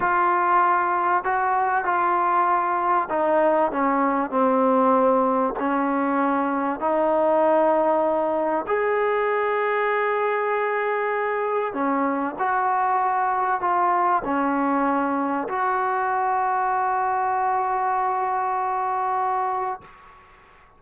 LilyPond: \new Staff \with { instrumentName = "trombone" } { \time 4/4 \tempo 4 = 97 f'2 fis'4 f'4~ | f'4 dis'4 cis'4 c'4~ | c'4 cis'2 dis'4~ | dis'2 gis'2~ |
gis'2. cis'4 | fis'2 f'4 cis'4~ | cis'4 fis'2.~ | fis'1 | }